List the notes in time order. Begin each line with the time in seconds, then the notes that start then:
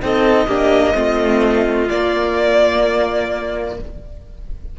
0.00 C4 D#4 A4 D#5
0.47 A#3 D4 G4
0.94 A3 C4 F4
1.90 A#3 D5